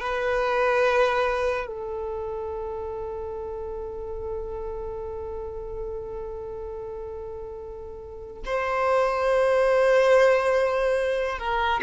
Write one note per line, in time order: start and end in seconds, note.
0.00 1.67 B4
1.67 8.43 A4
8.46 11.39 C5
11.39 11.81 A#4